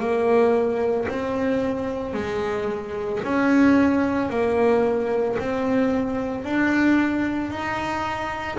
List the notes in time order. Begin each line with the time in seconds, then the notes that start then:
0.00 A#3
1.09 C4
2.14 G#3
3.24 C#4
4.30 A#3
5.40 C4
6.45 D4
7.51 D#4